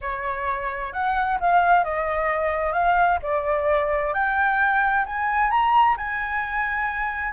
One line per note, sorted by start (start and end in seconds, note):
0.01 0.92 C#5
0.92 1.38 F#5
1.40 1.84 F5
1.84 2.73 D#5
2.73 3.18 F5
3.22 4.13 D5
4.13 5.05 G5
5.05 5.50 G#5
5.50 5.96 A#5
5.97 7.33 G#5